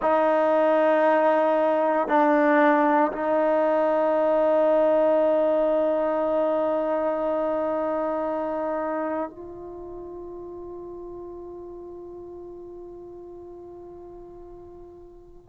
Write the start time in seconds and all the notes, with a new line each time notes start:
0.02 D#4
2.08 D4
3.11 D#4
9.30 F4